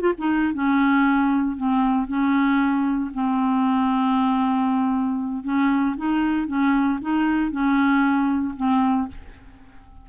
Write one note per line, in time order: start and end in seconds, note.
0.00 0.13 F4
0.18 0.53 D#4
0.53 1.56 C#4
1.56 2.07 C4
2.07 3.11 C#4
3.14 5.44 C4
5.44 5.95 C#4
5.96 6.47 D#4
6.47 6.99 C#4
7.01 7.51 D#4
7.51 8.54 C#4
8.56 9.08 C4